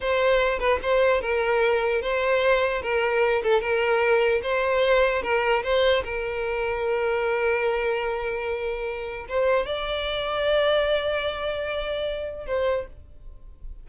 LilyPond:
\new Staff \with { instrumentName = "violin" } { \time 4/4 \tempo 4 = 149 c''4. b'8 c''4 ais'4~ | ais'4 c''2 ais'4~ | ais'8 a'8 ais'2 c''4~ | c''4 ais'4 c''4 ais'4~ |
ais'1~ | ais'2. c''4 | d''1~ | d''2. c''4 | }